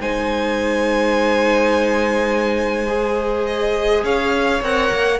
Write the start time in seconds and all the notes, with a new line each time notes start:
0.00 G#3 D#4 C5 G#5
2.87 G#4
3.46 D#5
4.04 C#4 C#5 F5
4.62 C4 A#4 F#5
4.91 A#3